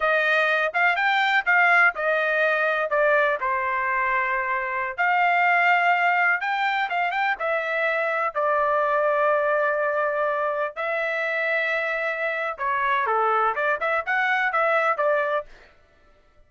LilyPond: \new Staff \with { instrumentName = "trumpet" } { \time 4/4 \tempo 4 = 124 dis''4. f''8 g''4 f''4 | dis''2 d''4 c''4~ | c''2~ c''16 f''4.~ f''16~ | f''4~ f''16 g''4 f''8 g''8 e''8.~ |
e''4~ e''16 d''2~ d''8.~ | d''2~ d''16 e''4.~ e''16~ | e''2 cis''4 a'4 | d''8 e''8 fis''4 e''4 d''4 | }